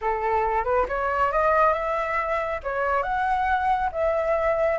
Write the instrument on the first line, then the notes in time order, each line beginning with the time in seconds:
flute
0.01 A4
0.64 B4
0.88 C#5
1.32 D#5
1.73 E5
2.63 C#5
3.02 F#5
3.92 E5